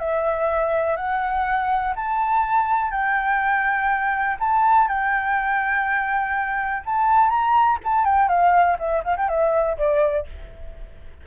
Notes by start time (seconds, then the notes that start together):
0.00 E5
0.96 F#5
1.96 A5
2.91 G5
4.40 A5
4.88 G5
6.86 A5
7.29 A#5
7.84 A5
8.05 G5
8.28 F5
8.79 E5
9.04 F5
9.17 G5
9.28 E5
9.78 D5